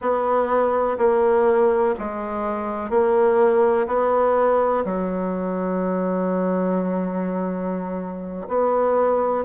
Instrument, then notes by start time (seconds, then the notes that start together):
bassoon
0.00 B3
0.98 A#3
1.98 G#3
2.89 A#3
3.87 B3
4.84 F#3
8.48 B3